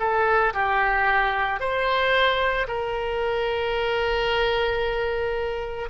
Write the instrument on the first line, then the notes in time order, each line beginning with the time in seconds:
oboe
0.00 A4
0.54 G4
1.60 C5
2.68 A#4